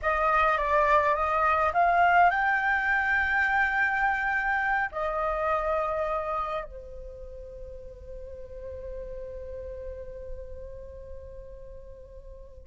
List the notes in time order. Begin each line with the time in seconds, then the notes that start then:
0.02 D#5
0.57 D5
1.14 D#5
1.73 F5
2.30 G5
4.91 D#5
6.64 C5